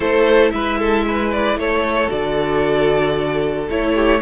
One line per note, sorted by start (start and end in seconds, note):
0.00 0.52 A3
0.00 2.08 E4
0.00 0.52 A4
0.00 0.50 C5
0.50 1.56 G#3
0.50 0.78 B4
0.50 1.29 E5
0.78 1.05 A4
1.07 1.59 B4
1.32 1.58 D5
1.56 2.08 A3
1.56 3.94 A4
1.56 2.10 C#5
2.08 3.69 D3
2.08 3.66 F#4
2.08 3.68 D5
3.70 4.22 A3
3.70 4.22 E4
3.70 4.22 C#5
3.94 4.20 G4